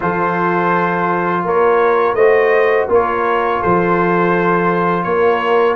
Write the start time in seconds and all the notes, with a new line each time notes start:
0.00 F3 F4 A4 C5
1.44 A#3 A#4 C#5
2.14 A3 F#4 C5 D#5
2.88 A#3 F4 A#4 C#5
3.60 F3 A4 C5
5.03 A#3 C#5
5.10 A#4